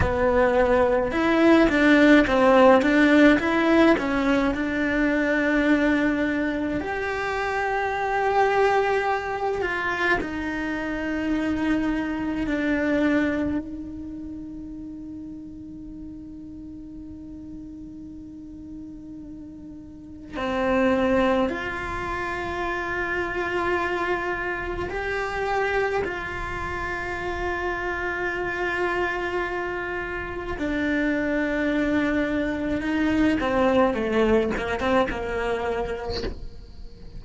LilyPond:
\new Staff \with { instrumentName = "cello" } { \time 4/4 \tempo 4 = 53 b4 e'8 d'8 c'8 d'8 e'8 cis'8 | d'2 g'2~ | g'8 f'8 dis'2 d'4 | dis'1~ |
dis'2 c'4 f'4~ | f'2 g'4 f'4~ | f'2. d'4~ | d'4 dis'8 c'8 a8 ais16 c'16 ais4 | }